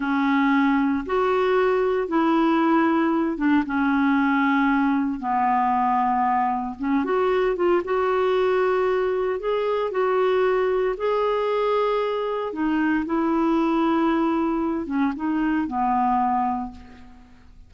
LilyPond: \new Staff \with { instrumentName = "clarinet" } { \time 4/4 \tempo 4 = 115 cis'2 fis'2 | e'2~ e'8 d'8 cis'4~ | cis'2 b2~ | b4 cis'8 fis'4 f'8 fis'4~ |
fis'2 gis'4 fis'4~ | fis'4 gis'2. | dis'4 e'2.~ | e'8 cis'8 dis'4 b2 | }